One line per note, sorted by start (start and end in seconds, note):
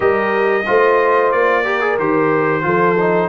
0.00 0.65 G3
0.00 0.62 G4
0.00 0.66 A#4
0.00 1.31 D#5
0.66 1.33 A3
0.66 1.64 F4
0.66 1.64 C5
1.31 1.99 A#3
1.31 1.97 D5
1.64 1.80 G4
1.64 2.63 A#4
1.80 1.97 G#4
1.99 2.64 D#3
1.99 2.62 G4
1.99 3.28 C5
2.62 3.28 F3
2.62 2.95 F4
2.62 3.28 A4
2.98 3.28 D#4